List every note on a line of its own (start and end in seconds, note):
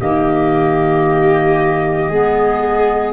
0.00 2.08 D#3
0.00 2.11 A#3
0.00 2.10 G4
0.00 3.13 D#5
2.08 3.13 G#3
2.08 3.13 B3
2.08 3.13 G#4